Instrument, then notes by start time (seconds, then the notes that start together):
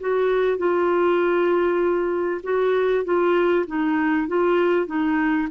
clarinet
0.00 F#4
0.58 F4
2.44 F#4
3.05 F4
3.67 D#4
4.28 F4
4.87 D#4